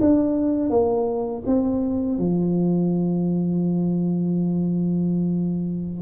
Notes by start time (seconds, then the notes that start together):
0.00 D4
0.70 A#3
1.46 C4
2.18 F3